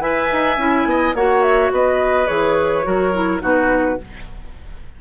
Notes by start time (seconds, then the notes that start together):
0.00 E4 B4 E5 G#5
0.32 D#4
0.57 C#4 E4
0.85 B3 D#5
1.14 A#3 F#4 C#5 F#5
1.42 E5
1.71 B3 B4 D#5
2.26 E3 G#4 C#5
2.83 F#3 F#4 A#4
3.13 E4
3.40 B2 D#4 F#4 B4